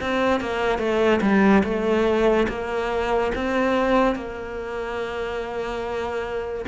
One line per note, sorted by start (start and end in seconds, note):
0.00 0.40 C4
0.40 0.78 A#3
0.78 1.20 A3
1.21 1.62 G3
1.64 2.47 A3
2.48 3.31 A#3
3.35 4.15 C4
4.15 6.65 A#3